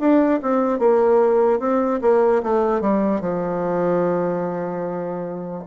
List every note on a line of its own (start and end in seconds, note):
0.00 0.41 D4
0.42 0.79 C4
0.79 1.60 A#3
1.60 2.00 C4
2.02 2.42 A#3
2.43 2.81 A3
2.81 3.21 G3
3.21 5.64 F3